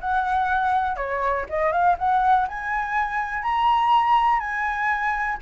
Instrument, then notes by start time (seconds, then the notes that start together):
flute
0.00 F#5
0.96 C#5
1.49 D#5
1.71 F5
1.98 F#5
2.47 G#5
3.43 A#5
4.39 G#5